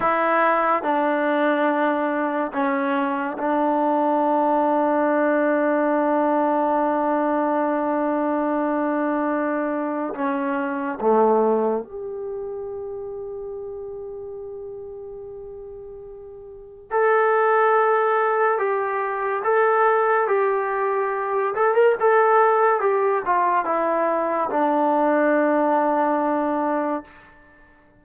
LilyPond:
\new Staff \with { instrumentName = "trombone" } { \time 4/4 \tempo 4 = 71 e'4 d'2 cis'4 | d'1~ | d'1 | cis'4 a4 g'2~ |
g'1 | a'2 g'4 a'4 | g'4. a'16 ais'16 a'4 g'8 f'8 | e'4 d'2. | }